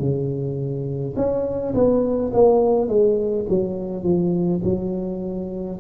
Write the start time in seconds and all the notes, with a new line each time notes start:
0.00 C#3
1.17 C#4
1.75 B3
2.34 A#3
2.88 G#3
3.50 F#3
4.04 F3
4.65 F#3